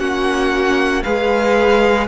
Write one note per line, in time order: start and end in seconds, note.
0.00 1.04 A#3
0.00 1.04 C#4
0.00 1.04 F#4
0.00 1.03 F#5
1.04 2.09 G#3
1.04 2.09 G#4
1.04 2.08 B4
1.04 2.07 F5